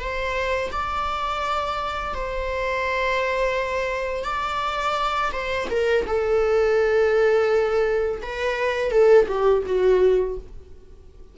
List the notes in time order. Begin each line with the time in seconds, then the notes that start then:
0.00 C5
0.72 D5
2.14 C5
4.25 D5
5.32 C5
5.70 A#4
6.07 A4
8.22 B4
8.91 A4
9.28 G4
9.66 F#4